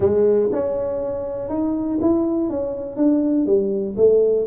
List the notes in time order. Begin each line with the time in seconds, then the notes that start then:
0.00 G#3
0.52 C#4
1.49 D#4
2.01 E4
2.49 C#4
2.96 D4
3.46 G3
3.96 A3